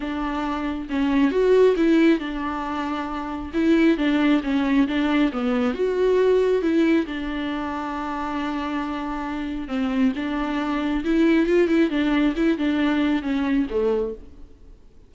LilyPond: \new Staff \with { instrumentName = "viola" } { \time 4/4 \tempo 4 = 136 d'2 cis'4 fis'4 | e'4 d'2. | e'4 d'4 cis'4 d'4 | b4 fis'2 e'4 |
d'1~ | d'2 c'4 d'4~ | d'4 e'4 f'8 e'8 d'4 | e'8 d'4. cis'4 a4 | }